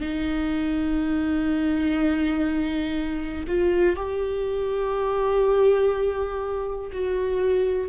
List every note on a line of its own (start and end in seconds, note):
0.00 3.44 D#4
3.47 3.96 F4
3.96 6.91 G4
6.92 7.89 F#4